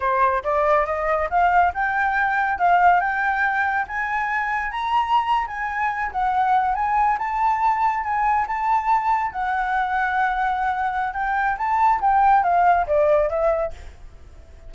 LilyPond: \new Staff \with { instrumentName = "flute" } { \time 4/4 \tempo 4 = 140 c''4 d''4 dis''4 f''4 | g''2 f''4 g''4~ | g''4 gis''2 ais''4~ | ais''8. gis''4. fis''4. gis''16~ |
gis''8. a''2 gis''4 a''16~ | a''4.~ a''16 fis''2~ fis''16~ | fis''2 g''4 a''4 | g''4 f''4 d''4 e''4 | }